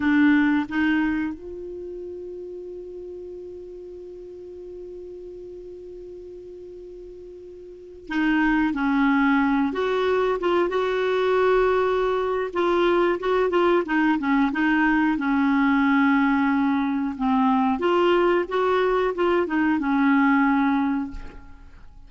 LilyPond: \new Staff \with { instrumentName = "clarinet" } { \time 4/4 \tempo 4 = 91 d'4 dis'4 f'2~ | f'1~ | f'1~ | f'16 dis'4 cis'4. fis'4 f'16~ |
f'16 fis'2~ fis'8. f'4 | fis'8 f'8 dis'8 cis'8 dis'4 cis'4~ | cis'2 c'4 f'4 | fis'4 f'8 dis'8 cis'2 | }